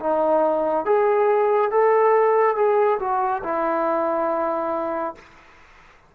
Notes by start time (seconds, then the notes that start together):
0.00 D#4
0.86 G#4
1.71 A4
2.56 G#4
3.00 F#4
3.44 E4